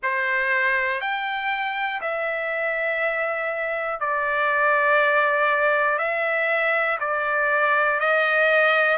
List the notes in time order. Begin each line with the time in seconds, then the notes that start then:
0.02 C5
1.00 G5
2.01 E5
4.00 D5
5.98 E5
7.00 D5
8.00 D#5